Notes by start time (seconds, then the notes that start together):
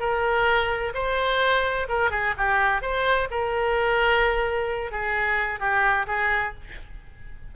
0.00 A#4
0.95 C5
1.89 A#4
2.11 G#4
2.38 G4
2.82 C5
3.31 A#4
4.91 G#4
5.60 G4
6.07 G#4